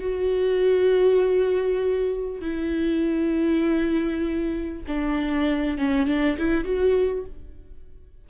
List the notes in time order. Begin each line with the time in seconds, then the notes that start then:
0.00 F#4
2.41 E4
4.87 D4
5.77 C#4
6.06 D4
6.37 E4
6.64 F#4